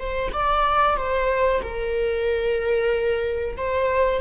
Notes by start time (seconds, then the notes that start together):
0.00 C5
0.33 D5
0.97 C5
1.63 A#4
3.57 C5